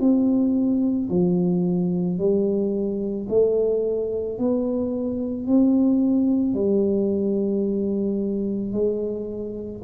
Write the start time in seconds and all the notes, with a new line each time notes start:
0.00 C4
1.10 F3
2.19 G3
3.30 A3
4.39 B3
5.47 C4
6.55 G3
8.73 G#3